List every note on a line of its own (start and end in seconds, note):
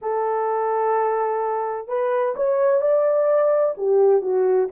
0.01 1.87 A4
1.87 2.34 B4
2.36 2.81 C#5
2.81 3.75 D5
3.77 4.21 G4
4.21 4.68 F#4